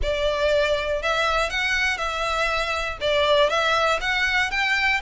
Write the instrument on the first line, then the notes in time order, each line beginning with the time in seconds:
violin
0.02 D5
1.02 E5
1.50 F#5
1.97 E5
3.00 D5
3.49 E5
4.00 F#5
4.50 G5